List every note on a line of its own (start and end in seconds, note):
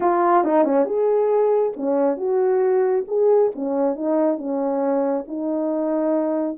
0.00 0.44 F4
0.44 0.64 D#4
0.64 0.85 C#4
0.85 1.72 G#4
1.76 2.17 C#4
2.17 3.05 F#4
3.07 3.51 G#4
3.55 3.95 C#4
3.95 4.37 D#4
4.37 5.25 C#4
5.27 6.57 D#4